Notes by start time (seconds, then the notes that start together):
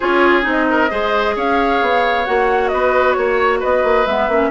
0.00 C#4 F4 G#4 C#5
0.42 C4 D#4
0.49 D#5
0.70 A#4
0.90 G#3 G#4 C5
1.35 C#4 C#5 F5
1.81 B3
2.25 A#3 F#4 F#5
2.68 B3 B4 D#5
3.12 A#3 C#5
3.59 B3 B4 D#5
3.83 A#3
4.06 G#3 B3 E5
4.28 A#3 C#4